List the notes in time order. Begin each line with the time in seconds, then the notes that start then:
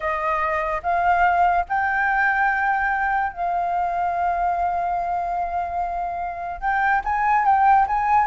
0.00 D#5
0.82 F5
1.68 G5
3.32 F5
6.60 G5
7.04 G#5
7.45 G5
7.87 G#5